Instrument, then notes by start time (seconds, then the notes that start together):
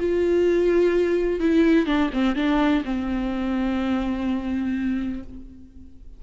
viola
0.00 F4
1.40 E4
1.87 D4
2.13 C4
2.36 D4
2.85 C4